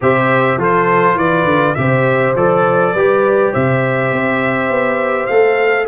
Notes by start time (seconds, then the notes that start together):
0.01 C3 G4 C5 E5
0.57 F3 F4 A4 C5
1.15 E3 B4 D5
1.44 D3
1.74 C3 G4 C5 E5
2.35 F3 A4 D5
2.93 G3 G4 B4
3.51 C3 C5 E5
4.12 C4
4.70 B3
5.26 A3 A4 F5